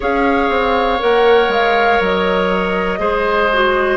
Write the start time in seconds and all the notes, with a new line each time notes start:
0.00 C#4 G#4 C#5 F5
0.49 C4
0.99 A#3 A#4 F#5
1.48 G#3 F5
2.00 F#3 D#5
2.99 G#3 G#4 C5
3.53 F#4